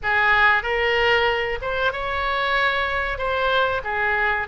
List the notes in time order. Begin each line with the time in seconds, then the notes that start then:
0.02 G#4
0.62 A#4
1.61 C5
1.92 C#5
3.17 C5
3.84 G#4